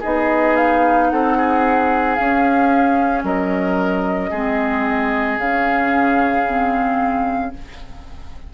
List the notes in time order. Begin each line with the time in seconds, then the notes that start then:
0.00 B3 D#4 G#4 D#5
0.57 F5
1.10 C4 A4 F#5
1.37 G#4
2.16 C#4 F5
3.24 F#3 A#4 D#5
4.30 G#3 C4 G#4
5.38 C#3 C#4 F5
6.47 C4